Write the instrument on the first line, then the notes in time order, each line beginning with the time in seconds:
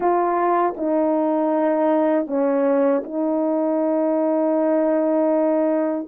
horn
0.00 F4
0.77 D#4
2.26 C#4
3.04 D#4